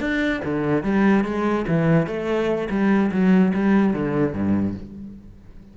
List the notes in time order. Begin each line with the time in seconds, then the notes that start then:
0.00 D4
0.44 D3
0.83 G3
1.24 G#3
1.67 E3
2.07 A3
2.70 G3
3.12 F#3
3.54 G3
3.93 D3
4.34 G2